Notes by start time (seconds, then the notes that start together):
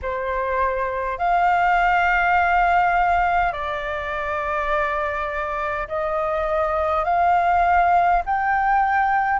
0.02 C5
1.18 F5
3.52 D5
5.88 D#5
7.04 F5
8.25 G5